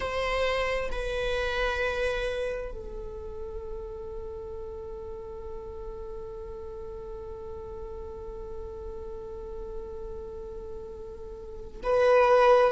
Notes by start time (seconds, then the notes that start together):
0.00 C5
0.91 B4
2.71 A4
11.83 B4